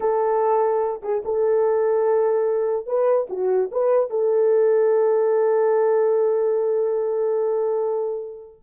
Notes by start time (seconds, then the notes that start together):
0.00 A4
1.02 G#4
1.24 A4
2.86 B4
3.29 F#4
3.71 B4
4.10 A4